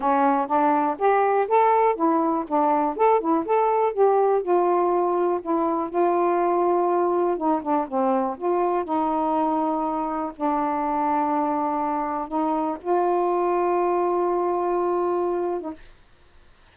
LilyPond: \new Staff \with { instrumentName = "saxophone" } { \time 4/4 \tempo 4 = 122 cis'4 d'4 g'4 a'4 | e'4 d'4 a'8 e'8 a'4 | g'4 f'2 e'4 | f'2. dis'8 d'8 |
c'4 f'4 dis'2~ | dis'4 d'2.~ | d'4 dis'4 f'2~ | f'2.~ f'8. dis'16 | }